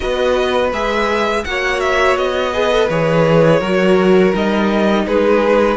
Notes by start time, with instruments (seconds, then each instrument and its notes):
0.00 cello B3, viola F#4, violin B4 D#5
0.72 cello G#3, viola G#4, violin E5
1.44 cello A#3, viola F#4, violin C#5 F#5
1.80 violin E5
2.16 cello B3, violin D#5
2.53 viola G#4, violin B4
2.71 viola A4
2.89 cello E3, viola G#4, violin C#5
3.59 cello F#3, viola F#4, violin A#4
4.33 cello G3, viola D#4, violin D#5
5.07 cello G#3, violin G#4 B4